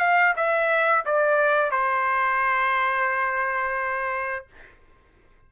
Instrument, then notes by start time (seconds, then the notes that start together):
trumpet
0.00 F5
0.37 E5
1.06 D5
1.71 C5